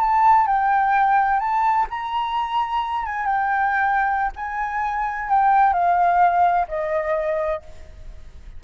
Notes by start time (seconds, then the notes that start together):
0.00 A5
0.46 G5
1.39 A5
1.90 A#5
3.05 G#5
3.26 G5
4.36 G#5
5.29 G5
5.73 F5
6.68 D#5